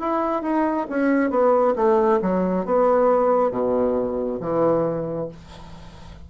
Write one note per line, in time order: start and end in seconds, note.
0.00 0.43 E4
0.43 0.87 D#4
0.89 1.30 C#4
1.30 1.74 B3
1.76 2.20 A3
2.22 2.66 F#3
2.66 3.51 B3
3.51 4.40 B2
4.40 5.29 E3